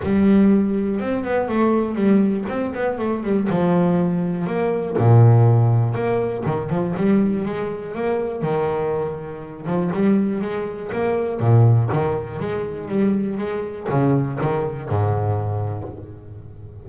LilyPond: \new Staff \with { instrumentName = "double bass" } { \time 4/4 \tempo 4 = 121 g2 c'8 b8 a4 | g4 c'8 b8 a8 g8 f4~ | f4 ais4 ais,2 | ais4 dis8 f8 g4 gis4 |
ais4 dis2~ dis8 f8 | g4 gis4 ais4 ais,4 | dis4 gis4 g4 gis4 | cis4 dis4 gis,2 | }